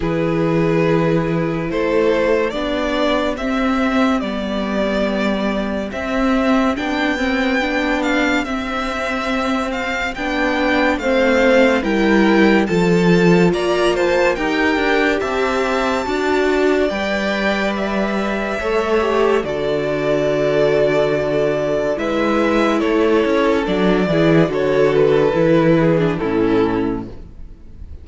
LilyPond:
<<
  \new Staff \with { instrumentName = "violin" } { \time 4/4 \tempo 4 = 71 b'2 c''4 d''4 | e''4 d''2 e''4 | g''4. f''8 e''4. f''8 | g''4 f''4 g''4 a''4 |
ais''8 a''8 g''4 a''2 | g''4 e''2 d''4~ | d''2 e''4 cis''4 | d''4 cis''8 b'4. a'4 | }
  \new Staff \with { instrumentName = "violin" } { \time 4/4 gis'2 a'4 g'4~ | g'1~ | g'1~ | g'4 c''4 ais'4 a'4 |
d''8 c''8 ais'4 e''4 d''4~ | d''2 cis''4 a'4~ | a'2 b'4 a'4~ | a'8 gis'8 a'4. gis'8 e'4 | }
  \new Staff \with { instrumentName = "viola" } { \time 4/4 e'2. d'4 | c'4 b2 c'4 | d'8 c'8 d'4 c'2 | d'4 c'4 e'4 f'4~ |
f'4 g'2 fis'4 | b'2 a'8 g'8 fis'4~ | fis'2 e'2 | d'8 e'8 fis'4 e'8. d'16 cis'4 | }
  \new Staff \with { instrumentName = "cello" } { \time 4/4 e2 a4 b4 | c'4 g2 c'4 | b2 c'2 | b4 a4 g4 f4 |
ais4 dis'8 d'8 c'4 d'4 | g2 a4 d4~ | d2 gis4 a8 cis'8 | fis8 e8 d4 e4 a,4 | }
>>